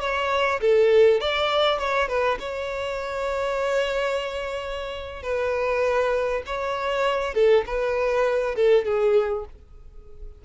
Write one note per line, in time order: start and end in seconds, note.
0.00 0.60 C#5
0.60 1.20 A4
1.20 1.78 D5
1.78 2.08 C#5
2.08 2.38 B4
2.39 5.22 C#5
5.22 6.42 B4
6.46 7.34 C#5
7.34 7.64 A4
7.66 8.55 B4
8.55 8.84 A4
8.84 9.44 G#4